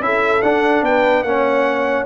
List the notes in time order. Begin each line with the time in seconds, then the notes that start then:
0.00 C#4 E4 A4 E5
0.42 D4 F#5
0.82 B3 B4 G5
1.23 A#3 C#4 C#5 F#5